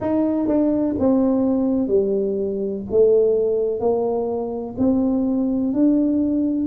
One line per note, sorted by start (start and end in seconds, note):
0.00 0.47 D#4
0.47 0.95 D4
0.98 1.87 C4
1.87 2.82 G3
2.90 3.80 A3
3.80 4.75 A#3
4.77 5.73 C4
5.73 6.67 D4